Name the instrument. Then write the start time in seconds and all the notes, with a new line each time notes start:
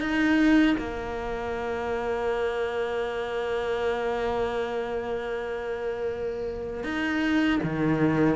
cello
0.00 D#4
0.78 A#3
6.84 D#4
7.63 D#3